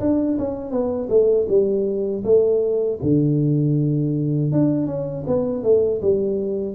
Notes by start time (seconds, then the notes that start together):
0.00 D4
0.38 C#4
0.71 B3
1.09 A3
1.49 G3
2.24 A3
3.02 D3
4.52 D4
4.86 C#4
5.27 B3
5.63 A3
6.01 G3